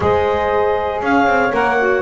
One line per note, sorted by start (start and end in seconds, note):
0.00 1.00 G#3
0.00 1.50 G#4
0.00 1.04 C5
0.00 1.02 D#5
1.01 1.26 C#4
1.01 2.02 C#5
1.01 1.54 F5
1.26 1.51 C4
1.52 2.02 A#3
1.52 1.77 A#4
1.52 2.02 F#5
1.79 2.02 F#4